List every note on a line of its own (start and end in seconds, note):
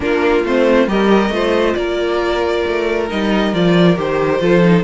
0.00 0.44 A#3
0.00 0.44 D4
0.00 0.90 F4
0.00 0.45 A#4
0.44 0.87 A3
0.44 0.87 C4
0.44 0.88 C5
0.87 1.29 G3
0.87 1.31 G4
0.87 1.34 A#4
0.87 1.74 D#5
1.29 1.73 A3
1.29 3.08 F4
1.29 1.77 C5
1.74 2.64 A#3
1.74 4.41 A#4
1.74 3.06 D5
2.66 3.10 A3
3.08 3.53 G3
3.08 3.52 D#4
3.08 3.54 D#5
3.53 3.97 F3
3.53 3.96 F4
3.53 3.98 D5
3.96 4.40 D#3
3.96 4.40 G4
3.96 4.83 C5
4.40 4.83 F3
4.40 4.62 F4
4.40 4.83 A4
4.63 4.83 D#4